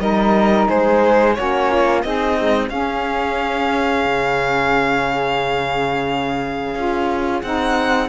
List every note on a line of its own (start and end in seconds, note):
0.00 0.67 G3
0.00 1.35 D#4
0.00 0.69 A#4
0.00 0.68 D#5
0.69 1.38 G#3
0.69 1.36 G#4
0.69 1.34 C5
1.34 2.05 A#3
1.34 2.04 C#4
1.34 1.71 F#4
1.34 2.02 C#5
1.71 2.04 F4
2.03 2.70 C4
2.03 2.69 D#4
2.03 2.38 G#4
2.03 2.70 D#5
2.38 2.71 G#3
2.69 4.05 C#4
2.69 6.75 C#4
2.69 8.09 G#4
2.69 7.42 F5
4.06 6.75 C#3
6.75 7.43 C#4
6.75 7.43 F4
7.42 8.09 C4
7.42 8.09 D#4
7.42 8.09 F#5